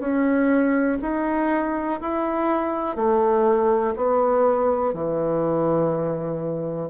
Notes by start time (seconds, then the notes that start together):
0.00 C#4
1.02 D#4
2.01 E4
2.96 A3
3.96 B3
4.94 E3